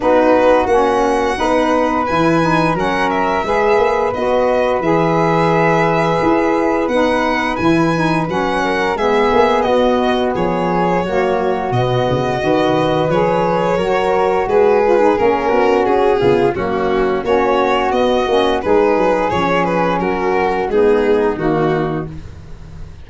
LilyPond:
<<
  \new Staff \with { instrumentName = "violin" } { \time 4/4 \tempo 4 = 87 b'4 fis''2 gis''4 | fis''8 e''4. dis''4 e''4~ | e''2 fis''4 gis''4 | fis''4 e''4 dis''4 cis''4~ |
cis''4 dis''2 cis''4~ | cis''4 b'4 ais'4 gis'4 | fis'4 cis''4 dis''4 b'4 | cis''8 b'8 ais'4 gis'4 fis'4 | }
  \new Staff \with { instrumentName = "flute" } { \time 4/4 fis'2 b'2 | ais'4 b'2.~ | b'1~ | b'8 ais'8 gis'4 fis'4 gis'4 |
fis'2 b'2 | ais'4 gis'4. fis'4 f'8 | cis'4 fis'2 gis'4~ | gis'4 fis'4 dis'2 | }
  \new Staff \with { instrumentName = "saxophone" } { \time 4/4 dis'4 cis'4 dis'4 e'8 dis'8 | cis'4 gis'4 fis'4 gis'4~ | gis'2 dis'4 e'8 dis'8 | cis'4 b2. |
ais4 b4 fis'4 gis'4 | fis'4. f'16 dis'16 cis'4. b8 | ais4 cis'4 b8 cis'8 dis'4 | cis'2 b4 ais4 | }
  \new Staff \with { instrumentName = "tuba" } { \time 4/4 b4 ais4 b4 e4 | fis4 gis8 ais8 b4 e4~ | e4 e'4 b4 e4 | fis4 gis8 ais8 b4 f4 |
fis4 b,8 cis8 dis4 f4 | fis4 gis4 ais8 b8 cis'8 cis8 | fis4 ais4 b8 ais8 gis8 fis8 | f4 fis4 gis4 dis4 | }
>>